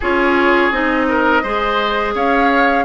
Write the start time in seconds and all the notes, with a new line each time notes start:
0.00 C#4 F4 G#4 C#5
0.71 C4 D#4 D#5
1.08 A#4
1.43 G#3 G#4 C5
2.14 C#4 C#5 F5